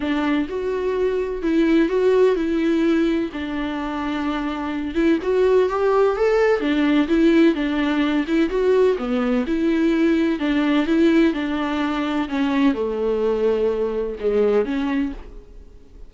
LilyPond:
\new Staff \with { instrumentName = "viola" } { \time 4/4 \tempo 4 = 127 d'4 fis'2 e'4 | fis'4 e'2 d'4~ | d'2~ d'8 e'8 fis'4 | g'4 a'4 d'4 e'4 |
d'4. e'8 fis'4 b4 | e'2 d'4 e'4 | d'2 cis'4 a4~ | a2 gis4 cis'4 | }